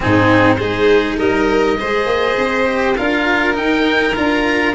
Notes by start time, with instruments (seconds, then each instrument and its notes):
0.00 tuba G#2, cello C4, violin D#4, oboe G#4
0.55 tuba G#3, cello D#4, violin G#4, oboe C5
1.17 tuba G3, violin A#4, oboe D#5
1.78 tuba G#3, cello G#4, violin C5
2.06 tuba A#3
2.38 tuba C4
2.66 cello G4
2.96 tuba D4, cello F4, violin A#4, oboe F5
3.53 cello D#4, tuba D#4, oboe G5
4.15 tuba D4, cello F4, oboe A#5